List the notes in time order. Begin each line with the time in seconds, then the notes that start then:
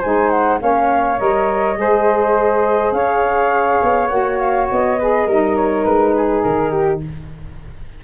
0.00 G#3 D#4 C5 G#5
0.30 F#5
0.59 A#3 C#4 C#5 F5
1.19 G3 A#4 D#5
1.76 G#3 G#4 C5
2.92 C#4 C#5 F5
3.82 B3
4.08 A#3 F#4 F#5
4.38 F5
4.71 B3 D#5
4.99 G#4 B4
5.27 G3 D#4 A#4
5.56 C#5
5.85 G#3 B4
6.15 G#4
6.42 D#3 A#4
6.71 G4